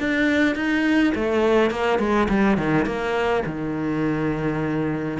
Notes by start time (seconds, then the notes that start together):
0.00 D4
0.56 D#4
1.16 A3
1.71 A#3
1.99 G#3
2.29 G3
2.58 D#3
2.86 A#3
3.46 D#3